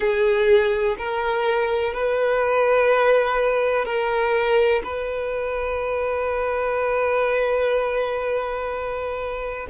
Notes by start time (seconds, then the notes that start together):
0.00 G#4
0.98 A#4
1.93 B4
3.84 A#4
4.83 B4